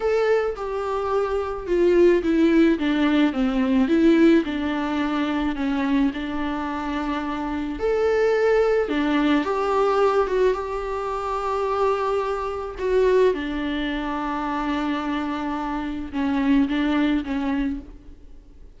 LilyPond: \new Staff \with { instrumentName = "viola" } { \time 4/4 \tempo 4 = 108 a'4 g'2 f'4 | e'4 d'4 c'4 e'4 | d'2 cis'4 d'4~ | d'2 a'2 |
d'4 g'4. fis'8 g'4~ | g'2. fis'4 | d'1~ | d'4 cis'4 d'4 cis'4 | }